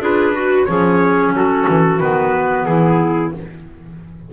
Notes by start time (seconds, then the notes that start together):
0.00 D4 F4 G#4 B4
0.33 F#4
0.66 F3 C#4 G#4 C#5
1.32 F#3 F#4 A4
1.69 E3
2.00 D#3 B3 B4
2.66 E3 E4 G#4